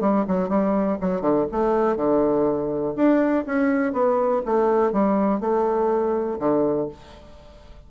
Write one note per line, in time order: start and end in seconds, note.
0.00 0.25 G3
0.27 0.48 F#3
0.48 0.97 G3
1.00 1.21 F#3
1.21 1.46 D3
1.51 1.96 A3
1.96 2.94 D3
2.96 3.45 D4
3.46 3.92 C#4
3.92 4.42 B3
4.45 4.92 A3
4.92 5.40 G3
5.40 6.38 A3
6.39 6.88 D3